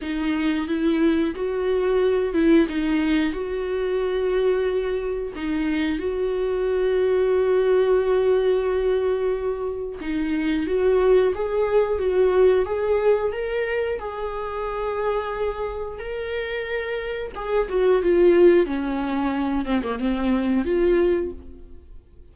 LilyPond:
\new Staff \with { instrumentName = "viola" } { \time 4/4 \tempo 4 = 90 dis'4 e'4 fis'4. e'8 | dis'4 fis'2. | dis'4 fis'2.~ | fis'2. dis'4 |
fis'4 gis'4 fis'4 gis'4 | ais'4 gis'2. | ais'2 gis'8 fis'8 f'4 | cis'4. c'16 ais16 c'4 f'4 | }